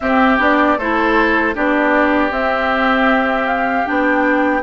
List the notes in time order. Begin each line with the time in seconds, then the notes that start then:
0.00 C4 G4 E5
0.38 B3 D4 D5
0.78 A3 E4 A4 C5
1.54 B3 D4 G4 D5
2.30 C4 E5
3.47 F5
3.85 B3 D4 G5